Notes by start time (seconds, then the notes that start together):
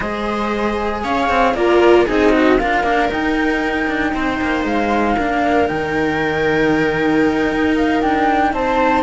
0.00 G#3 G#4 C5 D#5
1.03 C#4 C#5 F5
1.29 C4
1.54 A#3 F4 A#4 D5
2.05 C4 D#4 G#4 D#5
2.32 F#4
2.58 D4 F4 A#4 F5
2.83 A#3 D4
3.09 D#4 G5
3.87 D4
4.14 C4 C5
4.41 A#3
4.64 G#3 F5
5.16 A#3 D4 A#4
5.67 D#3 D#4 G5
7.51 D#4
7.75 F5
8.01 D4 G5
8.52 C4 C5 A5